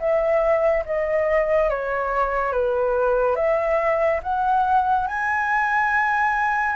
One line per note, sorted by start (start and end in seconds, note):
0.00 0.85 E5
0.86 1.70 D#5
1.70 2.53 C#5
2.53 3.36 B4
3.36 4.21 E5
4.23 5.08 F#5
5.08 6.76 G#5